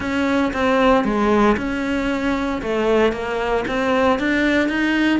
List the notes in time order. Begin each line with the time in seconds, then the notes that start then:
0.00 C#4
0.53 C4
1.04 G#3
1.57 C#4
2.62 A3
3.12 A#3
3.67 C4
4.19 D4
4.68 D#4